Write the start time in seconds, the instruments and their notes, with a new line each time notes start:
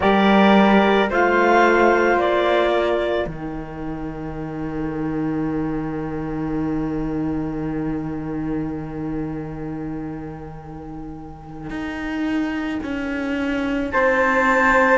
0.00 cello G3, saxophone G4, flute A#4, clarinet D5
1.09 cello A3, saxophone F4, flute C5, clarinet F5
2.16 cello A#3, clarinet D5
2.70 flute A#4
3.27 cello D#3, saxophone D#4, clarinet G5
11.70 cello D#4
12.83 cello C#4
13.91 cello C4, flute C5, clarinet A5